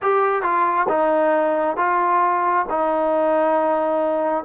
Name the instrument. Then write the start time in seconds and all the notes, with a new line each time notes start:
trombone
0.02 G4
0.42 F4
0.88 D#4
1.77 F4
2.69 D#4